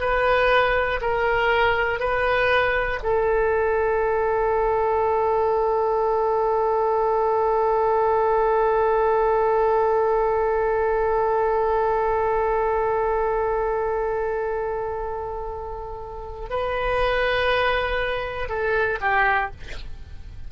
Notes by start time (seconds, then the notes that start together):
0.00 B4
1.00 A#4
2.00 B4
3.02 A4
16.49 B4
18.49 A4
19.00 G4